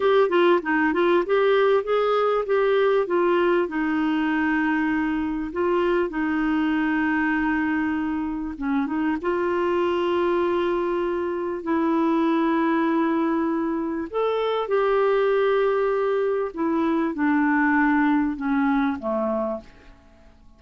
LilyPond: \new Staff \with { instrumentName = "clarinet" } { \time 4/4 \tempo 4 = 98 g'8 f'8 dis'8 f'8 g'4 gis'4 | g'4 f'4 dis'2~ | dis'4 f'4 dis'2~ | dis'2 cis'8 dis'8 f'4~ |
f'2. e'4~ | e'2. a'4 | g'2. e'4 | d'2 cis'4 a4 | }